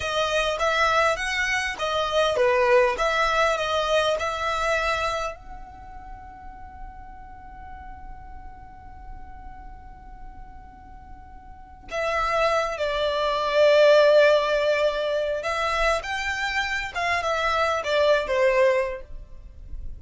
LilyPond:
\new Staff \with { instrumentName = "violin" } { \time 4/4 \tempo 4 = 101 dis''4 e''4 fis''4 dis''4 | b'4 e''4 dis''4 e''4~ | e''4 fis''2.~ | fis''1~ |
fis''1 | e''4. d''2~ d''8~ | d''2 e''4 g''4~ | g''8 f''8 e''4 d''8. c''4~ c''16 | }